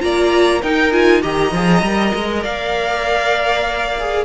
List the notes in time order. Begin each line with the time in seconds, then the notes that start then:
0.00 A#3 F4 D5 A#5
0.61 D#4 A#4 G5
0.92 F4 G#5
1.22 D#3 G4 D#5 A#5
1.52 F3 G#4
1.81 G3 A#4
2.15 G#3
2.42 A#3 D5 F5
3.99 G#4